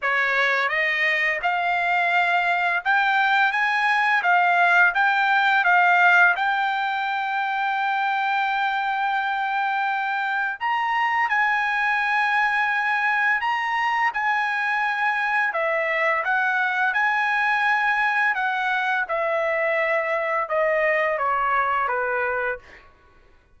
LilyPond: \new Staff \with { instrumentName = "trumpet" } { \time 4/4 \tempo 4 = 85 cis''4 dis''4 f''2 | g''4 gis''4 f''4 g''4 | f''4 g''2.~ | g''2. ais''4 |
gis''2. ais''4 | gis''2 e''4 fis''4 | gis''2 fis''4 e''4~ | e''4 dis''4 cis''4 b'4 | }